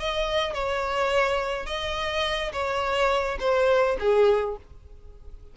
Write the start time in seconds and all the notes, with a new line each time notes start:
0.00 D#5
0.54 C#5
1.66 D#5
2.53 C#5
3.40 C5
4.00 G#4